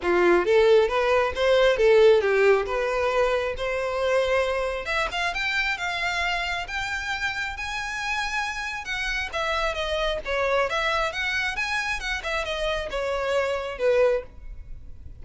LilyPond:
\new Staff \with { instrumentName = "violin" } { \time 4/4 \tempo 4 = 135 f'4 a'4 b'4 c''4 | a'4 g'4 b'2 | c''2. e''8 f''8 | g''4 f''2 g''4~ |
g''4 gis''2. | fis''4 e''4 dis''4 cis''4 | e''4 fis''4 gis''4 fis''8 e''8 | dis''4 cis''2 b'4 | }